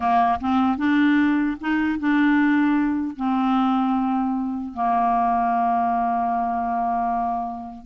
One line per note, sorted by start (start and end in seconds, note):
0.00 0.39 A#3
0.40 0.77 C4
0.77 1.56 D4
1.60 1.99 D#4
1.99 3.16 D4
3.16 4.73 C4
4.73 7.85 A#3